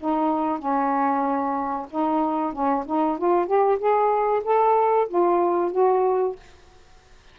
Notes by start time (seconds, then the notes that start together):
0.00 D#4
0.59 C#4
1.91 D#4
2.53 C#4
2.86 D#4
3.18 F4
3.46 G4
3.79 G#4
4.44 A4
5.09 F4
5.72 F#4